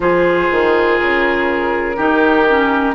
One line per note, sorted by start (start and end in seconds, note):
0.00 0.48 F3
0.00 1.96 F4
0.00 1.96 G#4
0.00 0.99 C5
0.51 1.00 D#3
0.99 1.98 C#3
0.99 2.94 A#4
1.96 2.94 D#3
1.96 2.46 D#4
1.96 2.94 G4
2.48 2.94 C#4